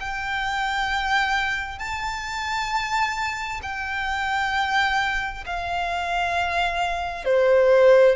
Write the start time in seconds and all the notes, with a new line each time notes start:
0.00 G5
1.79 A5
3.62 G5
5.46 F5
7.24 C5